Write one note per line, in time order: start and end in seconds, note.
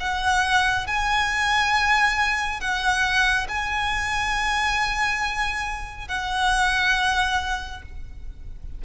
0.00 0.87 F#5
0.87 2.60 G#5
2.60 3.47 F#5
3.49 6.08 G#5
6.08 7.82 F#5